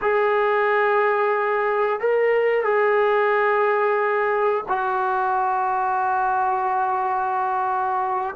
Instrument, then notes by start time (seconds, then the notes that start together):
trombone
0.01 G#4
2.00 A#4
2.63 G#4
4.68 F#4